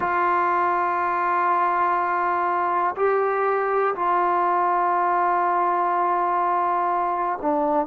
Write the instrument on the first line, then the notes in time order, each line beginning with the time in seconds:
trombone
0.00 F4
2.96 G4
3.95 F4
7.41 D4